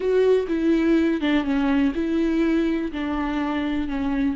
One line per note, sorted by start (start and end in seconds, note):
0.00 0.46 F#4
0.48 1.20 E4
1.20 1.44 D4
1.44 1.92 C#4
1.94 2.91 E4
2.91 3.88 D4
3.88 4.36 C#4